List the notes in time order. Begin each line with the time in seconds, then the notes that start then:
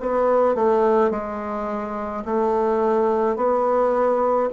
0.00 B3
0.55 A3
1.10 G#3
2.24 A3
3.36 B3